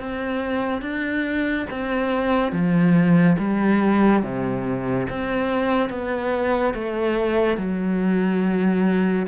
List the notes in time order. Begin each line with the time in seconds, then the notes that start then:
0.00 C4
0.82 D4
1.71 C4
2.52 F3
3.38 G3
4.23 C3
5.09 C4
5.90 B3
6.74 A3
7.57 F#3